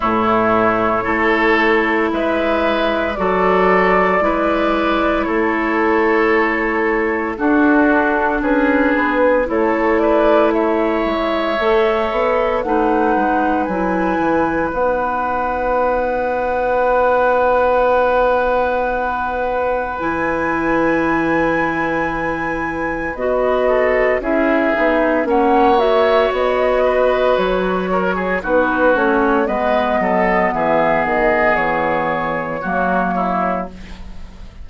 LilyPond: <<
  \new Staff \with { instrumentName = "flute" } { \time 4/4 \tempo 4 = 57 cis''2 e''4 d''4~ | d''4 cis''2 a'4 | b'4 cis''8 d''8 e''2 | fis''4 gis''4 fis''2~ |
fis''2. gis''4~ | gis''2 dis''4 e''4 | fis''8 e''8 dis''4 cis''4 b'8 cis''8 | dis''4 e''8 dis''8 cis''2 | }
  \new Staff \with { instrumentName = "oboe" } { \time 4/4 e'4 a'4 b'4 a'4 | b'4 a'2 fis'4 | gis'4 a'8 b'8 cis''2 | b'1~ |
b'1~ | b'2~ b'8 a'8 gis'4 | cis''4. b'4 ais'16 gis'16 fis'4 | b'8 a'8 gis'2 fis'8 e'8 | }
  \new Staff \with { instrumentName = "clarinet" } { \time 4/4 a4 e'2 fis'4 | e'2. d'4~ | d'4 e'2 a'4 | dis'4 e'4 dis'2~ |
dis'2. e'4~ | e'2 fis'4 e'8 dis'8 | cis'8 fis'2~ fis'8 dis'8 cis'8 | b2. ais4 | }
  \new Staff \with { instrumentName = "bassoon" } { \time 4/4 a,4 a4 gis4 fis4 | gis4 a2 d'4 | cis'8 b8 a4. gis8 a8 b8 | a8 gis8 fis8 e8 b2~ |
b2. e4~ | e2 b4 cis'8 b8 | ais4 b4 fis4 b8 a8 | gis8 fis8 e8 dis8 e4 fis4 | }
>>